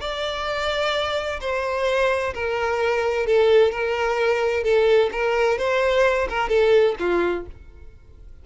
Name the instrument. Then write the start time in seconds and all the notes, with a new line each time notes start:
violin
0.00 D5
1.40 C5
2.33 A#4
3.26 A4
3.71 A#4
4.63 A4
5.11 A#4
5.58 C5
6.29 A#4
6.48 A4
6.99 F4